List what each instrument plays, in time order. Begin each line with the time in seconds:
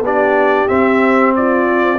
0.00 tuba B3, trombone D4, horn G4, trumpet D5
0.68 trombone C4, tuba C4, trumpet E5
1.36 horn F4, trumpet D5